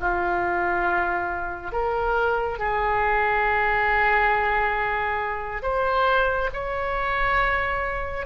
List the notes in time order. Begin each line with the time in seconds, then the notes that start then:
0.00 F4
1.72 A#4
2.59 G#4
5.62 C5
6.53 C#5